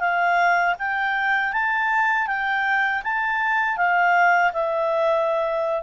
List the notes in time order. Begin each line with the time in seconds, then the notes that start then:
0.00 F5
0.78 G5
1.52 A5
2.27 G5
3.03 A5
3.77 F5
4.53 E5